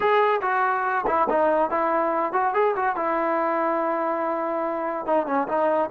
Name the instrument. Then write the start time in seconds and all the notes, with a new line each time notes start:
trombone
0.00 G#4
0.41 F#4
1.06 E4
1.29 D#4
1.70 E4
2.32 F#4
2.54 G#4
2.76 F#4
2.96 E4
5.06 D#4
5.26 C#4
5.48 D#4